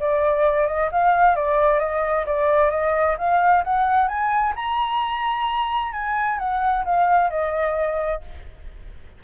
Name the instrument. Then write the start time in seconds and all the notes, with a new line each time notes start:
flute
0.00 D5
0.67 D#5
0.92 F5
1.36 D5
1.80 D#5
2.26 D5
2.71 D#5
3.19 F5
3.65 F#5
4.08 G#5
4.56 A#5
5.93 G#5
6.39 F#5
6.85 F5
7.30 D#5